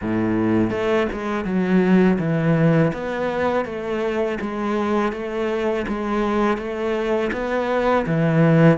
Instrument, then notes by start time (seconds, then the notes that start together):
cello
0.01 A2
0.70 A3
1.12 G#3
1.45 F#3
2.18 E3
2.93 B3
3.65 A3
4.40 G#3
5.12 A3
5.87 G#3
6.57 A3
7.32 B3
8.06 E3